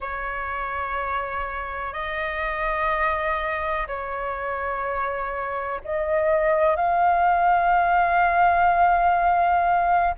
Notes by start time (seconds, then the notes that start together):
0.00 C#5
1.93 D#5
3.87 C#5
5.84 D#5
6.75 F5